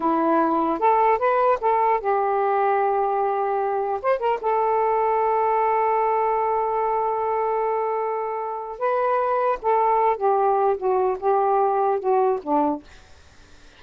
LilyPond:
\new Staff \with { instrumentName = "saxophone" } { \time 4/4 \tempo 4 = 150 e'2 a'4 b'4 | a'4 g'2.~ | g'2 c''8 ais'8 a'4~ | a'1~ |
a'1~ | a'2 b'2 | a'4. g'4. fis'4 | g'2 fis'4 d'4 | }